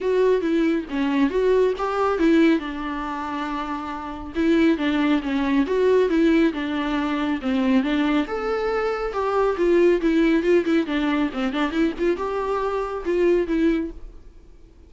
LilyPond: \new Staff \with { instrumentName = "viola" } { \time 4/4 \tempo 4 = 138 fis'4 e'4 cis'4 fis'4 | g'4 e'4 d'2~ | d'2 e'4 d'4 | cis'4 fis'4 e'4 d'4~ |
d'4 c'4 d'4 a'4~ | a'4 g'4 f'4 e'4 | f'8 e'8 d'4 c'8 d'8 e'8 f'8 | g'2 f'4 e'4 | }